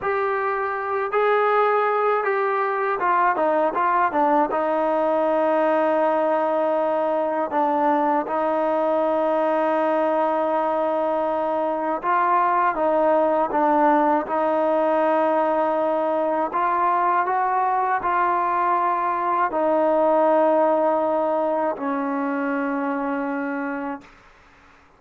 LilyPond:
\new Staff \with { instrumentName = "trombone" } { \time 4/4 \tempo 4 = 80 g'4. gis'4. g'4 | f'8 dis'8 f'8 d'8 dis'2~ | dis'2 d'4 dis'4~ | dis'1 |
f'4 dis'4 d'4 dis'4~ | dis'2 f'4 fis'4 | f'2 dis'2~ | dis'4 cis'2. | }